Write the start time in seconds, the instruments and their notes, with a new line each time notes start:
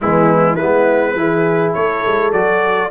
0.00 tuba E3, trombone G#3, horn B3, trumpet E4
0.54 trombone B3, horn E4, trumpet B4
0.61 tuba G#3
1.15 tuba E3, trombone E4, horn G#4
1.73 tuba A3, horn A4, trumpet C#5
2.06 tuba G#3
2.32 tuba F#3, trombone F#4, trumpet D5